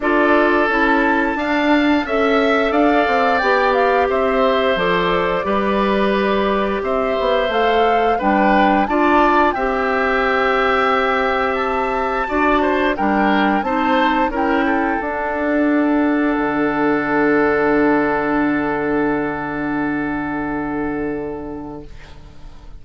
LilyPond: <<
  \new Staff \with { instrumentName = "flute" } { \time 4/4 \tempo 4 = 88 d''4 a''2 e''4 | f''4 g''8 f''8 e''4 d''4~ | d''2 e''4 f''4 | g''4 a''4 g''2~ |
g''4 a''2 g''4 | a''4 g''4 fis''2~ | fis''1~ | fis''1 | }
  \new Staff \with { instrumentName = "oboe" } { \time 4/4 a'2 f''4 e''4 | d''2 c''2 | b'2 c''2 | b'4 d''4 e''2~ |
e''2 d''8 c''8 ais'4 | c''4 ais'8 a'2~ a'8~ | a'1~ | a'1 | }
  \new Staff \with { instrumentName = "clarinet" } { \time 4/4 f'4 e'4 d'4 a'4~ | a'4 g'2 a'4 | g'2. a'4 | d'4 f'4 g'2~ |
g'2 fis'4 d'4 | dis'4 e'4 d'2~ | d'1~ | d'1 | }
  \new Staff \with { instrumentName = "bassoon" } { \time 4/4 d'4 cis'4 d'4 cis'4 | d'8 c'8 b4 c'4 f4 | g2 c'8 b8 a4 | g4 d'4 c'2~ |
c'2 d'4 g4 | c'4 cis'4 d'2 | d1~ | d1 | }
>>